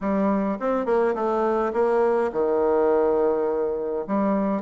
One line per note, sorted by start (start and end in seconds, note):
0.00 0.58 G3
0.59 0.85 C4
0.85 1.14 A#3
1.14 1.72 A3
1.73 2.31 A#3
2.32 4.05 D#3
4.07 4.62 G3